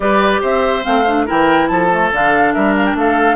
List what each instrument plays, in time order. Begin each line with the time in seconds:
0.00 bassoon G3, clarinet G4, oboe B4, flute D5
0.41 bassoon C4, oboe C5, flute E5
0.83 bassoon A3, clarinet C4, flute F5
1.07 clarinet D4
1.26 bassoon E3, clarinet E4, oboe A#4, flute G5
1.67 bassoon F3, oboe A4, flute A5
1.90 clarinet A3
2.11 bassoon D3, clarinet D4, flute F5
2.53 bassoon G3, oboe A#4, flute E5
2.76 flute F5
2.85 flute G5
2.94 bassoon A3, oboe A4, flute F5